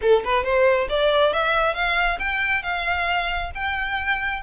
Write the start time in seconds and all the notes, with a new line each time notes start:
0.01 A4
0.24 B4
0.44 C5
0.89 D5
1.33 E5
1.74 F5
2.19 G5
2.62 F5
3.54 G5